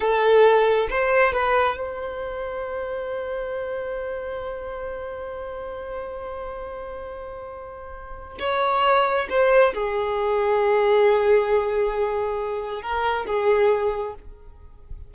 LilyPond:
\new Staff \with { instrumentName = "violin" } { \time 4/4 \tempo 4 = 136 a'2 c''4 b'4 | c''1~ | c''1~ | c''1~ |
c''2. cis''4~ | cis''4 c''4 gis'2~ | gis'1~ | gis'4 ais'4 gis'2 | }